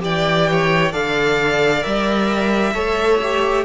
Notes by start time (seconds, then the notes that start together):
0.00 E3 G4 D5 G5
0.52 C#5
0.92 D3 A4 D5 F5
1.82 G3 A#4 E5
2.74 A3 A4 C#5
3.22 G4